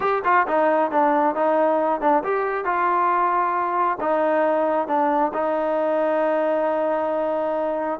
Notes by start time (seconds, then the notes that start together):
0.00 G4
0.24 F4
0.47 D#4
0.91 D4
1.35 D#4
2.00 D4
2.23 G4
2.64 F4
4.00 D#4
4.87 D4
5.33 D#4